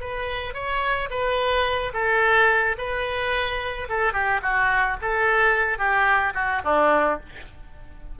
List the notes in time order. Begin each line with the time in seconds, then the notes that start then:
0.00 B4
0.54 C#5
1.10 B4
1.93 A4
2.78 B4
3.89 A4
4.13 G4
4.42 F#4
5.01 A4
5.78 G4
6.34 F#4
6.64 D4